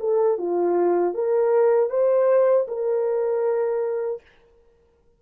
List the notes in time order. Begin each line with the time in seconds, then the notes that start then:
0.00 A4
0.38 F4
1.15 A#4
1.90 C5
2.68 A#4